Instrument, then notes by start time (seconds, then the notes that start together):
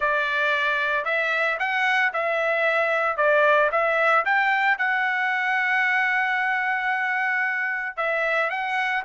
trumpet
0.00 D5
1.04 E5
1.59 F#5
2.13 E5
3.17 D5
3.71 E5
4.25 G5
4.78 F#5
7.96 E5
8.50 F#5